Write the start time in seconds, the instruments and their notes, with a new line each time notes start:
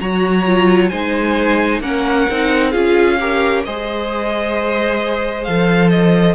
0.00 cello F#3, viola F#4, violin C#5 A#5
0.45 viola F4
0.88 cello G#3, viola D#4, violin C5 G#5
1.80 cello A#3, viola C#4, violin A#4 F#5
2.30 cello C4, viola D#4
2.71 cello C#4, viola F4, violin G#4 F5
3.19 viola G4, violin A#4
3.64 cello G#3, viola G#4, violin C5 D#5
5.44 cello F3, viola A4, violin F5
5.90 violin D#5